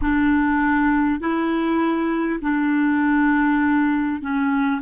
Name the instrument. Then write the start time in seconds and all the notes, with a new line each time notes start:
clarinet
0.01 D4
1.20 E4
2.41 D4
4.21 C#4